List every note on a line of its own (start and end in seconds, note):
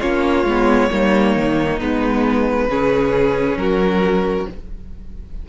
0.00 0.44 A#3
0.00 0.45 C#4
0.00 0.90 F4
0.00 1.79 C#5
0.44 0.89 G#3
0.44 0.91 B3
0.91 1.36 G3
0.91 1.80 A#3
0.91 2.69 D#4
1.36 1.81 D#3
1.79 2.68 G#3
1.79 2.69 B3
1.79 3.57 B4
2.68 3.56 C#3
2.68 4.48 C#4
2.68 3.58 G#4
3.56 4.46 F#3
3.56 4.49 F#4
3.56 4.46 A#4